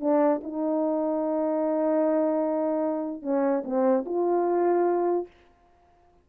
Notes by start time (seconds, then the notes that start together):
0.00 D4
0.43 D#4
3.22 C#4
3.64 C4
4.05 F4